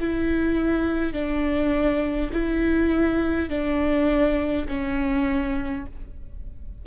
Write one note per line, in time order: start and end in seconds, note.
0.00 1.13 E4
1.13 2.30 D4
2.33 3.49 E4
3.49 4.67 D4
4.68 5.86 C#4